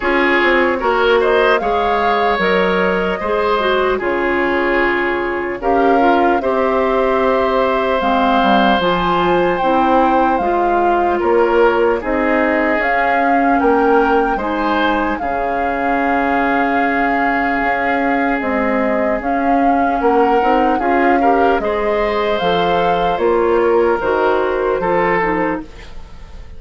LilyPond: <<
  \new Staff \with { instrumentName = "flute" } { \time 4/4 \tempo 4 = 75 cis''4. dis''8 f''4 dis''4~ | dis''4 cis''2 f''4 | e''2 f''4 gis''4 | g''4 f''4 cis''4 dis''4 |
f''4 g''4 gis''4 f''4~ | f''2. dis''4 | f''4 fis''4 f''4 dis''4 | f''4 cis''4 c''2 | }
  \new Staff \with { instrumentName = "oboe" } { \time 4/4 gis'4 ais'8 c''8 cis''2 | c''4 gis'2 ais'4 | c''1~ | c''2 ais'4 gis'4~ |
gis'4 ais'4 c''4 gis'4~ | gis'1~ | gis'4 ais'4 gis'8 ais'8 c''4~ | c''4. ais'4. a'4 | }
  \new Staff \with { instrumentName = "clarinet" } { \time 4/4 f'4 fis'4 gis'4 ais'4 | gis'8 fis'8 f'2 g'8 f'8 | g'2 c'4 f'4 | e'4 f'2 dis'4 |
cis'2 dis'4 cis'4~ | cis'2. gis4 | cis'4. dis'8 f'8 g'8 gis'4 | a'4 f'4 fis'4 f'8 dis'8 | }
  \new Staff \with { instrumentName = "bassoon" } { \time 4/4 cis'8 c'8 ais4 gis4 fis4 | gis4 cis2 cis'4 | c'2 gis8 g8 f4 | c'4 gis4 ais4 c'4 |
cis'4 ais4 gis4 cis4~ | cis2 cis'4 c'4 | cis'4 ais8 c'8 cis'4 gis4 | f4 ais4 dis4 f4 | }
>>